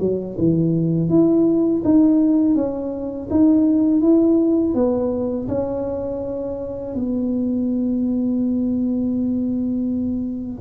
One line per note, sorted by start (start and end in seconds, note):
0.00 0.37 F#3
0.38 1.09 E3
1.09 1.83 E4
1.85 2.55 D#4
2.55 3.29 C#4
3.31 4.02 D#4
4.02 4.75 E4
4.75 5.48 B3
5.48 6.95 C#4
6.95 10.61 B3